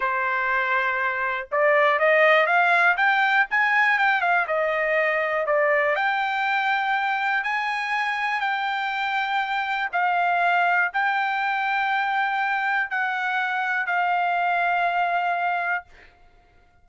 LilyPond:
\new Staff \with { instrumentName = "trumpet" } { \time 4/4 \tempo 4 = 121 c''2. d''4 | dis''4 f''4 g''4 gis''4 | g''8 f''8 dis''2 d''4 | g''2. gis''4~ |
gis''4 g''2. | f''2 g''2~ | g''2 fis''2 | f''1 | }